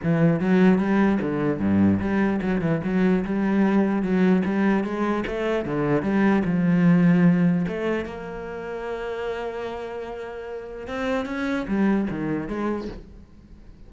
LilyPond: \new Staff \with { instrumentName = "cello" } { \time 4/4 \tempo 4 = 149 e4 fis4 g4 d4 | g,4 g4 fis8 e8 fis4 | g2 fis4 g4 | gis4 a4 d4 g4 |
f2. a4 | ais1~ | ais2. c'4 | cis'4 g4 dis4 gis4 | }